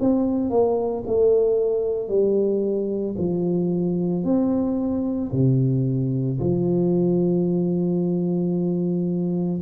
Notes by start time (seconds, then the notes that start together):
0.00 C4
0.50 A#3
1.06 A3
2.08 G3
3.18 F3
4.24 C4
5.32 C3
6.39 F3